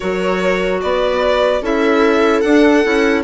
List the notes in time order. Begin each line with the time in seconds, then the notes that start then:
0.00 F#3 F#4 A#4 C#5
0.81 B3 B4 D5
1.61 C#4 E4 A4 E5
2.40 D4 F#5
2.83 C#4 E4